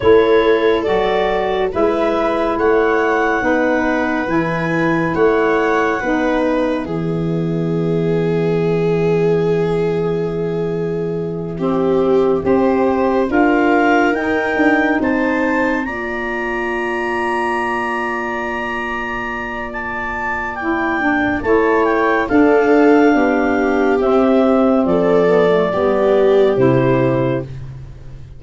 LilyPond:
<<
  \new Staff \with { instrumentName = "clarinet" } { \time 4/4 \tempo 4 = 70 cis''4 d''4 e''4 fis''4~ | fis''4 gis''4 fis''4. e''8~ | e''1~ | e''2.~ e''8 f''8~ |
f''8 g''4 a''4 ais''4.~ | ais''2. a''4 | g''4 a''8 g''8 f''2 | e''4 d''2 c''4 | }
  \new Staff \with { instrumentName = "viola" } { \time 4/4 a'2 b'4 cis''4 | b'2 cis''4 b'4 | gis'1~ | gis'4. g'4 c''4 ais'8~ |
ais'4. c''4 d''4.~ | d''1~ | d''4 cis''4 a'4 g'4~ | g'4 a'4 g'2 | }
  \new Staff \with { instrumentName = "saxophone" } { \time 4/4 e'4 fis'4 e'2 | dis'4 e'2 dis'4 | b1~ | b4. c'4 g'4 f'8~ |
f'8 dis'2 f'4.~ | f'1 | e'8 d'8 e'4 d'2 | c'4. b16 a16 b4 e'4 | }
  \new Staff \with { instrumentName = "tuba" } { \time 4/4 a4 fis4 gis4 a4 | b4 e4 a4 b4 | e1~ | e2~ e8 c'4 d'8~ |
d'8 dis'8 d'8 c'4 ais4.~ | ais1~ | ais4 a4 d'4 b4 | c'4 f4 g4 c4 | }
>>